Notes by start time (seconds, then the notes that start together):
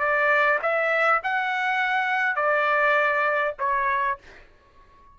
0.00 D5
0.63 E5
1.24 F#5
2.37 D5
3.59 C#5